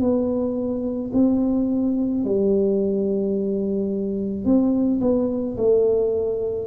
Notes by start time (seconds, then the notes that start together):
0.00 B3
1.14 C4
2.25 G3
4.45 C4
5.01 B3
5.58 A3